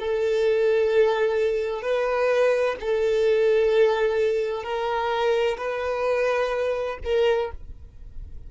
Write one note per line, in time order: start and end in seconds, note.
0.00 1.82 A4
1.82 2.76 B4
2.81 4.64 A4
4.64 5.58 A#4
5.58 6.99 B4
7.05 7.52 A#4